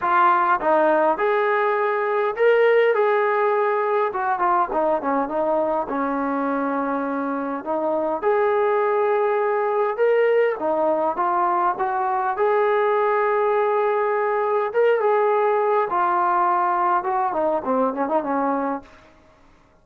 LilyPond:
\new Staff \with { instrumentName = "trombone" } { \time 4/4 \tempo 4 = 102 f'4 dis'4 gis'2 | ais'4 gis'2 fis'8 f'8 | dis'8 cis'8 dis'4 cis'2~ | cis'4 dis'4 gis'2~ |
gis'4 ais'4 dis'4 f'4 | fis'4 gis'2.~ | gis'4 ais'8 gis'4. f'4~ | f'4 fis'8 dis'8 c'8 cis'16 dis'16 cis'4 | }